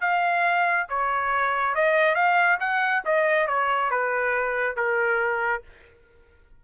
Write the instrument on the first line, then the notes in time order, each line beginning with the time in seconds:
trumpet
0.00 F5
0.89 C#5
1.74 D#5
2.15 F5
2.60 F#5
3.05 D#5
3.47 C#5
3.90 B4
4.76 A#4